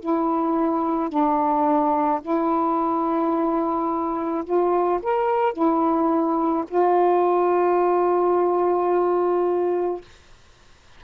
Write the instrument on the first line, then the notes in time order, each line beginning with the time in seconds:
saxophone
0.00 E4
1.09 D4
2.22 E4
4.44 F4
5.03 A#4
5.53 E4
6.68 F4